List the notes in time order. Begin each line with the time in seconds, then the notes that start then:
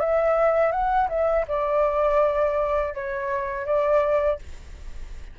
0.00 E5
0.72 F#5
1.09 E5
1.48 D5
2.94 C#5
3.66 D5